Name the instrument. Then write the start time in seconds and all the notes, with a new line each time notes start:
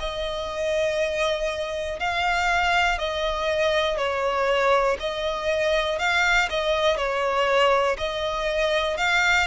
violin
0.00 D#5
2.00 F5
2.99 D#5
3.98 C#5
5.00 D#5
5.99 F5
6.50 D#5
6.97 C#5
7.98 D#5
8.97 F5